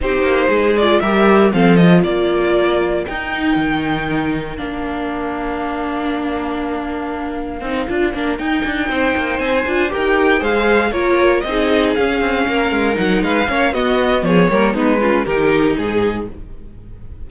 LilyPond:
<<
  \new Staff \with { instrumentName = "violin" } { \time 4/4 \tempo 4 = 118 c''4. d''8 e''4 f''8 dis''8 | d''2 g''2~ | g''4 f''2.~ | f''1~ |
f''8 g''2 gis''4 g''8~ | g''8 f''4 cis''4 dis''4 f''8~ | f''4. fis''8 f''4 dis''4 | cis''4 b'4 ais'4 gis'4 | }
  \new Staff \with { instrumentName = "violin" } { \time 4/4 g'4 gis'4 ais'4 a'4 | ais'1~ | ais'1~ | ais'1~ |
ais'4. c''2 ais'8~ | ais'8 c''4 ais'4 gis'4.~ | gis'8 ais'4. b'8 cis''8 fis'4 | gis'8 ais'8 dis'8 f'8 g'4 gis'4 | }
  \new Staff \with { instrumentName = "viola" } { \time 4/4 dis'4. f'8 g'4 c'8 f'8~ | f'2 dis'2~ | dis'4 d'2.~ | d'2. dis'8 f'8 |
d'8 dis'2~ dis'8 f'8 g'8~ | g'8 gis'4 f'4 dis'4 cis'8~ | cis'4. dis'4 cis'8 b4~ | b8 ais8 b8 cis'8 dis'2 | }
  \new Staff \with { instrumentName = "cello" } { \time 4/4 c'8 ais8 gis4 g4 f4 | ais2 dis'4 dis4~ | dis4 ais2.~ | ais2. c'8 d'8 |
ais8 dis'8 d'8 c'8 ais8 c'8 d'8 dis'8~ | dis'8 gis4 ais4 c'4 cis'8 | c'8 ais8 gis8 fis8 gis8 ais8 b4 | f8 g8 gis4 dis4 gis,4 | }
>>